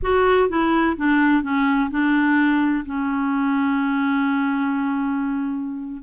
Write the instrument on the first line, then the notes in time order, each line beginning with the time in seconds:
clarinet
0.02 F#4
0.49 E4
0.97 D4
1.42 C#4
1.90 D4
2.85 C#4